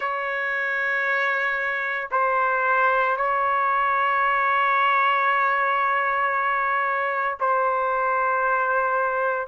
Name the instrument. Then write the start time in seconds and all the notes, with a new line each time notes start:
trumpet
0.00 C#5
2.11 C5
3.16 C#5
7.40 C5